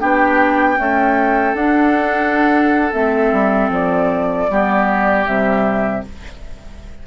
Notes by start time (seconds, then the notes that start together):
0.00 B3 D4 G4 G5
0.77 A3 C#4 A4
1.54 D4 F#5
2.93 A3 C4 E5
3.32 G3
3.69 F3 D5
4.49 G3 B3 G4
5.25 C3 G3 E5